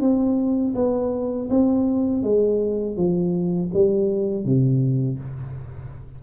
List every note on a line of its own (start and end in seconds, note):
0.00 0.74 C4
0.75 1.49 B3
1.50 2.23 C4
2.23 2.96 G#3
2.96 3.70 F3
3.73 4.44 G3
4.44 5.19 C3